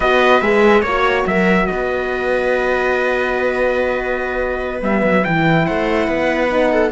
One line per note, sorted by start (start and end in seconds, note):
0.00 0.41 B3
0.00 0.42 F#4
0.00 0.83 B4
0.00 0.40 D#5
0.40 0.82 G#3
0.40 0.84 G#4
0.40 0.81 E5
0.81 1.24 A#3
0.81 1.23 C#5
0.81 1.27 C#5
0.88 4.83 F#4
1.26 1.68 F#3
1.26 1.69 A#4
1.26 1.66 E5
1.66 4.81 B3
1.66 5.65 B4
1.66 4.81 D#5
4.81 5.02 G3
4.81 5.24 B3
4.81 5.24 E5
5.03 5.24 F#3
5.24 5.68 E3
5.24 6.49 E4
5.24 5.65 G5
5.65 6.07 A3
5.65 6.07 C5
5.65 6.91 F#5
6.07 6.91 B3
6.07 6.70 B4
6.49 6.91 D#4
6.71 6.91 A4